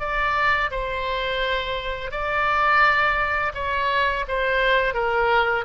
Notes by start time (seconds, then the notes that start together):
0.00 D5
0.71 C5
2.11 D5
3.55 C#5
4.28 C5
4.94 A#4